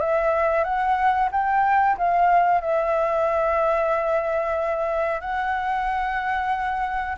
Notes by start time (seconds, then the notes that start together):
0.00 E5
0.64 F#5
1.32 G5
1.98 F5
2.61 E5
5.21 F#5